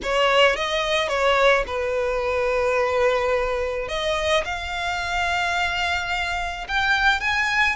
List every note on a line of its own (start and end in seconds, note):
0.02 0.56 C#5
0.56 1.08 D#5
1.08 1.64 C#5
1.66 3.88 B4
3.88 4.44 D#5
4.44 6.67 F5
6.67 7.20 G5
7.20 7.75 G#5